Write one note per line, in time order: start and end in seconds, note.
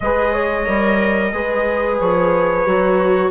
0.00 0.67 G#3
0.00 0.65 G#4
0.00 0.32 B4
0.00 1.98 D#5
0.32 1.32 C#5
0.65 1.32 G3
0.65 1.32 A#4
1.32 1.99 G#3
1.32 2.65 G#4
1.32 3.30 B4
1.99 2.66 F3
1.99 3.30 C#5
2.66 3.30 F#3
2.66 3.30 F#4